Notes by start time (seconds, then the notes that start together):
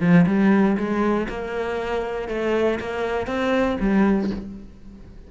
0.00 F3
0.26 G3
0.77 G#3
1.29 A#3
2.28 A3
2.80 A#3
3.26 C4
3.80 G3